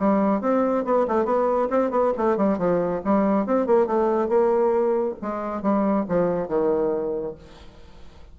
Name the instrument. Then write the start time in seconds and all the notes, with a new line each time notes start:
bassoon
0.00 G3
0.42 C4
0.85 B3
1.08 A3
1.26 B3
1.71 C4
1.91 B3
2.18 A3
2.38 G3
2.58 F3
3.05 G3
3.47 C4
3.67 A#3
3.87 A3
4.29 A#3
5.22 G#3
5.62 G3
6.09 F3
6.48 D#3